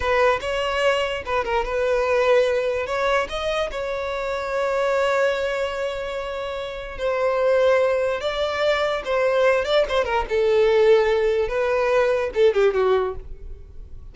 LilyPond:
\new Staff \with { instrumentName = "violin" } { \time 4/4 \tempo 4 = 146 b'4 cis''2 b'8 ais'8 | b'2. cis''4 | dis''4 cis''2.~ | cis''1~ |
cis''4 c''2. | d''2 c''4. d''8 | c''8 ais'8 a'2. | b'2 a'8 g'8 fis'4 | }